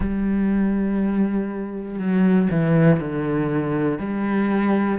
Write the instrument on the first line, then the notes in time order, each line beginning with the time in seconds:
cello
0.00 G3
1.99 F#3
2.50 E3
3.00 D3
3.99 G3